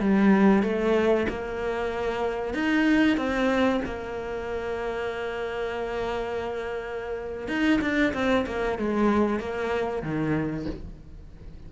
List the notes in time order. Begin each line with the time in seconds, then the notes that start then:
0.00 G3
0.63 A3
1.29 A#3
2.54 D#4
3.17 C4
3.85 A#3
7.48 D#4
7.81 D4
8.14 C4
8.47 A#3
8.79 G#3
9.40 A#3
10.02 D#3